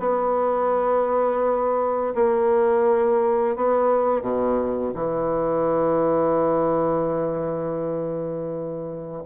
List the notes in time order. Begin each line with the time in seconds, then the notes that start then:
0.00 B3
2.16 A#3
3.56 B3
4.22 B2
4.95 E3